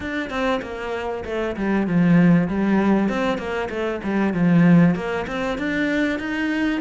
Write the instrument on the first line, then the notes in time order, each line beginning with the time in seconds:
cello
0.00 D4
0.30 C4
0.62 A#3
1.25 A3
1.56 G3
1.87 F3
2.47 G3
3.08 C4
3.37 A#3
3.69 A3
4.03 G3
4.33 F3
4.95 A#3
5.27 C4
5.58 D4
6.19 D#4